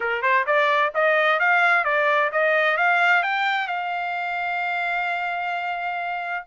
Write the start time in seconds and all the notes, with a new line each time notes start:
0.00 A#4
0.22 C5
0.46 D5
0.94 D#5
1.39 F5
1.84 D5
2.32 D#5
2.77 F5
3.22 G5
3.67 F5